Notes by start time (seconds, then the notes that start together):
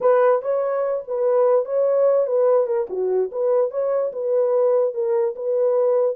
0.00 B4
0.42 C#5
1.07 B4
1.65 C#5
2.26 B4
2.66 A#4
2.89 F#4
3.31 B4
3.71 C#5
4.12 B4
4.93 A#4
5.35 B4